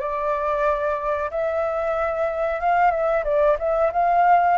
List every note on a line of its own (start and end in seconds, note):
0.00 1.30 D5
1.30 2.60 E5
2.60 2.91 F5
2.91 3.24 E5
3.24 3.57 D5
3.59 3.91 E5
3.92 4.57 F5